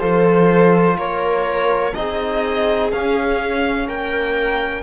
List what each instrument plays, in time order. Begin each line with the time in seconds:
0.00 cello F3, trombone F4, viola A4, violin C5
0.97 cello A#3, viola A#4, violin C#5
1.95 cello C4, trombone D#4, viola G#4, violin D#5
2.92 cello C#4, trombone C#4, violin F5
3.88 cello A#3, viola A#4, violin G5